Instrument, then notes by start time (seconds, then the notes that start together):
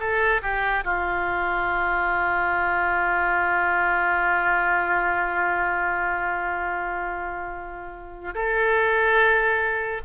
oboe
0.00 A4
0.42 G4
0.84 F4
8.35 A4